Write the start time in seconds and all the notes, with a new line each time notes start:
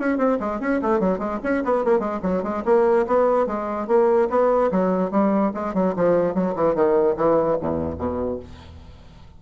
0.00 C#4
0.18 C4
0.40 G#3
0.61 C#4
0.82 A3
1.00 F#3
1.19 G#3
1.44 C#4
1.65 B3
1.85 A#3
2.00 G#3
2.23 F#3
2.43 G#3
2.66 A#3
3.08 B3
3.47 G#3
3.88 A#3
4.30 B3
4.72 F#3
5.11 G3
5.55 G#3
5.75 F#3
5.97 F3
6.35 F#3
6.56 E3
6.75 D#3
7.17 E3
7.62 E2
7.99 B2